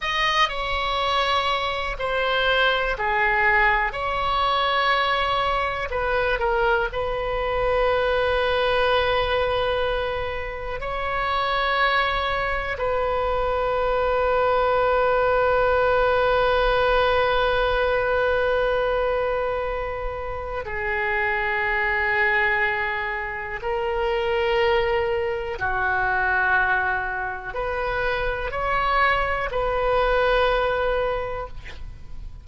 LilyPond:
\new Staff \with { instrumentName = "oboe" } { \time 4/4 \tempo 4 = 61 dis''8 cis''4. c''4 gis'4 | cis''2 b'8 ais'8 b'4~ | b'2. cis''4~ | cis''4 b'2.~ |
b'1~ | b'4 gis'2. | ais'2 fis'2 | b'4 cis''4 b'2 | }